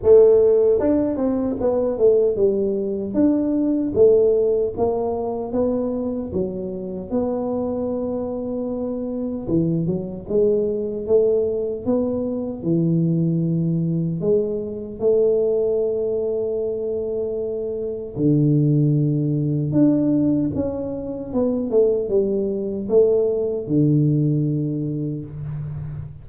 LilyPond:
\new Staff \with { instrumentName = "tuba" } { \time 4/4 \tempo 4 = 76 a4 d'8 c'8 b8 a8 g4 | d'4 a4 ais4 b4 | fis4 b2. | e8 fis8 gis4 a4 b4 |
e2 gis4 a4~ | a2. d4~ | d4 d'4 cis'4 b8 a8 | g4 a4 d2 | }